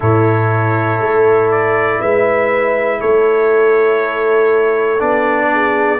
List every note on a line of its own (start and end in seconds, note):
0.00 1.00 A2
0.00 4.98 E4
0.00 1.98 A4
0.00 1.51 C#5
1.00 2.00 A3
1.51 2.01 D5
1.99 3.01 G#3
1.99 2.99 B4
1.99 3.00 E5
3.00 5.01 A3
3.00 5.50 A4
3.00 5.00 C#5
4.98 5.99 B3
4.98 5.98 D4
4.98 5.99 D5
5.52 5.99 G#4